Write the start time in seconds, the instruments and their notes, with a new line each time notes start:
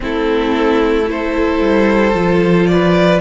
0.00 cello A3, viola C4, violin E4 A4
1.06 viola E4, violin A4 C5
1.60 cello G3
2.14 cello F3, viola F4
2.66 violin B4 D5